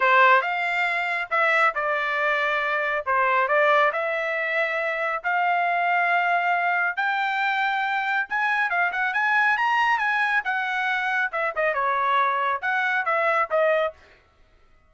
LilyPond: \new Staff \with { instrumentName = "trumpet" } { \time 4/4 \tempo 4 = 138 c''4 f''2 e''4 | d''2. c''4 | d''4 e''2. | f''1 |
g''2. gis''4 | f''8 fis''8 gis''4 ais''4 gis''4 | fis''2 e''8 dis''8 cis''4~ | cis''4 fis''4 e''4 dis''4 | }